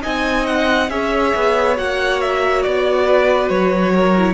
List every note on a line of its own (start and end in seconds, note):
0.00 0.89 C4
0.00 0.87 D#4
0.00 0.89 D#5
0.00 0.46 G#5
0.46 0.89 F#5
0.89 1.33 C#4
0.89 1.76 G#4
0.89 3.06 C#5
0.89 1.76 E5
1.35 1.78 B3
1.76 2.65 A#3
1.76 4.15 F#4
1.76 2.21 F#5
2.21 2.62 E5
2.62 3.49 B3
2.62 3.48 D5
3.06 3.93 B4
3.48 4.33 F#3
3.48 4.33 C#5
3.94 4.33 A#4
4.16 4.33 E4